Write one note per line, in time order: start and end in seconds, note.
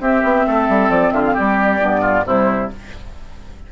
0.00 0.22 C4
0.00 1.81 C4
0.00 0.46 G4
0.00 0.90 E5
0.24 0.46 B3
0.47 0.69 A3
0.47 1.14 A4
0.69 0.90 G3
0.90 1.12 F3
0.90 1.11 D5
1.11 1.35 D3
1.11 1.34 F4
1.11 1.22 E5
1.26 1.37 F5
1.34 1.81 G3
1.34 2.01 G4
1.34 2.27 D5
1.81 2.26 G2
1.81 2.25 B3
2.01 2.24 F4
2.26 2.70 C3
2.26 2.72 G3
2.26 2.72 E4
2.26 2.72 C5